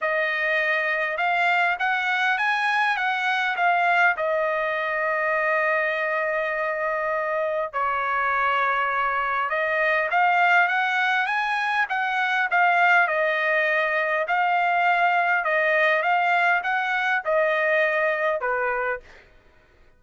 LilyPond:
\new Staff \with { instrumentName = "trumpet" } { \time 4/4 \tempo 4 = 101 dis''2 f''4 fis''4 | gis''4 fis''4 f''4 dis''4~ | dis''1~ | dis''4 cis''2. |
dis''4 f''4 fis''4 gis''4 | fis''4 f''4 dis''2 | f''2 dis''4 f''4 | fis''4 dis''2 b'4 | }